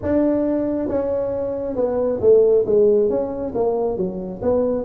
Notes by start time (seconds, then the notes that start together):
0.02 D4
0.88 C#4
1.75 B3
2.20 A3
2.66 G#3
3.09 C#4
3.55 A#3
3.97 F#3
4.42 B3